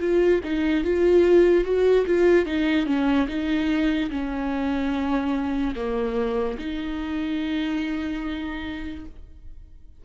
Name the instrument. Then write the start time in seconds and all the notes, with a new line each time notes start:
viola
0.00 F4
0.44 D#4
0.84 F4
1.64 F#4
2.06 F4
2.45 D#4
2.86 C#4
3.28 D#4
4.10 C#4
5.76 A#3
6.58 D#4